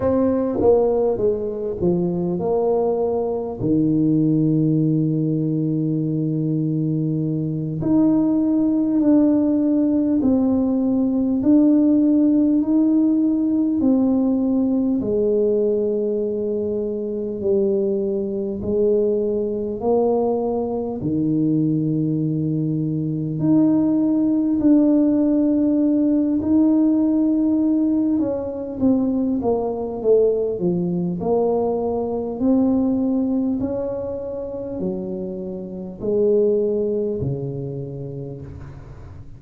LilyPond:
\new Staff \with { instrumentName = "tuba" } { \time 4/4 \tempo 4 = 50 c'8 ais8 gis8 f8 ais4 dis4~ | dis2~ dis8 dis'4 d'8~ | d'8 c'4 d'4 dis'4 c'8~ | c'8 gis2 g4 gis8~ |
gis8 ais4 dis2 dis'8~ | dis'8 d'4. dis'4. cis'8 | c'8 ais8 a8 f8 ais4 c'4 | cis'4 fis4 gis4 cis4 | }